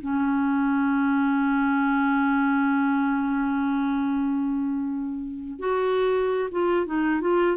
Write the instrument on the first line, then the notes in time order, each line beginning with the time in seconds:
clarinet
0.00 C#4
5.59 F#4
6.51 F4
6.86 D#4
7.21 F4